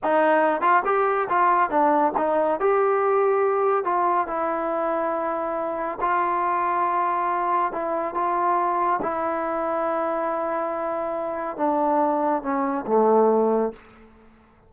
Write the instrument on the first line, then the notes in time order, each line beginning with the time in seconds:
trombone
0.03 D#4
0.61 F4
0.85 G4
1.29 F4
1.69 D4
2.17 D#4
2.60 G4
3.84 F4
4.27 E4
6.01 F4
7.72 E4
8.14 F4
9.02 E4
11.56 D4
12.42 C#4
12.86 A3